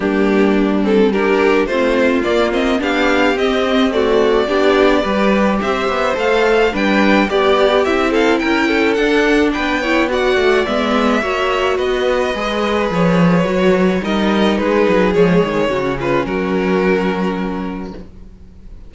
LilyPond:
<<
  \new Staff \with { instrumentName = "violin" } { \time 4/4 \tempo 4 = 107 g'4. a'8 ais'4 c''4 | d''8 dis''8 f''4 dis''4 d''4~ | d''2 e''4 f''4 | g''4 d''4 e''8 f''8 g''4 |
fis''4 g''4 fis''4 e''4~ | e''4 dis''2 cis''4~ | cis''4 dis''4 b'4 cis''4~ | cis''8 b'8 ais'2. | }
  \new Staff \with { instrumentName = "violin" } { \time 4/4 d'2 g'4 f'4~ | f'4 g'2 fis'4 | g'4 b'4 c''2 | b'4 g'4. a'8 ais'8 a'8~ |
a'4 b'8 cis''8 d''2 | cis''4 b'2.~ | b'4 ais'4 gis'2 | fis'8 f'8 fis'2. | }
  \new Staff \with { instrumentName = "viola" } { \time 4/4 ais4. c'8 d'4 c'4 | ais8 c'8 d'4 c'4 a4 | d'4 g'2 a'4 | d'4 g'4 e'2 |
d'4. e'8 fis'4 b4 | fis'2 gis'2 | fis'4 dis'2 gis4 | cis'1 | }
  \new Staff \with { instrumentName = "cello" } { \time 4/4 g2. a4 | ais4 b4 c'2 | b4 g4 c'8 b8 a4 | g4 b4 c'4 cis'4 |
d'4 b4. a8 gis4 | ais4 b4 gis4 f4 | fis4 g4 gis8 fis8 f8 dis8 | cis4 fis2. | }
>>